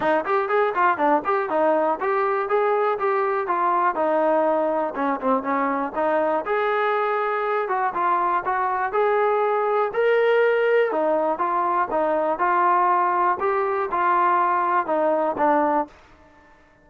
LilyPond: \new Staff \with { instrumentName = "trombone" } { \time 4/4 \tempo 4 = 121 dis'8 g'8 gis'8 f'8 d'8 g'8 dis'4 | g'4 gis'4 g'4 f'4 | dis'2 cis'8 c'8 cis'4 | dis'4 gis'2~ gis'8 fis'8 |
f'4 fis'4 gis'2 | ais'2 dis'4 f'4 | dis'4 f'2 g'4 | f'2 dis'4 d'4 | }